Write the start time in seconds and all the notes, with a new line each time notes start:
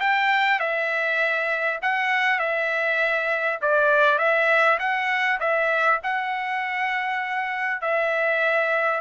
0.00 G5
0.60 E5
1.82 F#5
2.39 E5
3.62 D5
4.18 E5
4.79 F#5
5.40 E5
6.03 F#5
7.81 E5